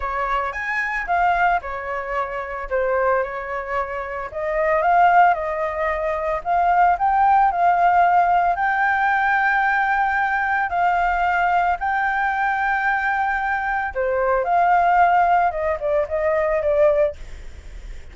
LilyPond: \new Staff \with { instrumentName = "flute" } { \time 4/4 \tempo 4 = 112 cis''4 gis''4 f''4 cis''4~ | cis''4 c''4 cis''2 | dis''4 f''4 dis''2 | f''4 g''4 f''2 |
g''1 | f''2 g''2~ | g''2 c''4 f''4~ | f''4 dis''8 d''8 dis''4 d''4 | }